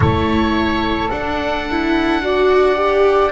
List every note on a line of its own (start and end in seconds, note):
0.00 1.09 A3
0.00 1.11 E4
0.00 2.22 A4
0.00 1.10 C#5
1.10 1.66 D4
1.10 3.31 D4
1.10 3.31 F#5
1.70 2.22 E4
2.22 2.75 F#4
2.22 3.31 D5
2.75 3.30 G4